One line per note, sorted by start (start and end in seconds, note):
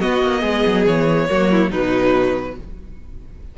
0.00 1.28 B3
0.00 0.22 B3
0.00 0.41 F#4
0.00 0.85 D#5
0.22 0.42 A#3
0.41 0.64 G#3
0.41 1.26 G#4
0.66 0.86 F#3
0.86 1.28 E3
0.86 1.71 C#5
1.28 1.72 F#3
1.28 1.71 A#3
1.28 1.51 F#4
1.51 1.70 E4
1.70 2.58 B2
1.70 2.56 F#3
1.70 2.55 D#4
1.70 2.57 B4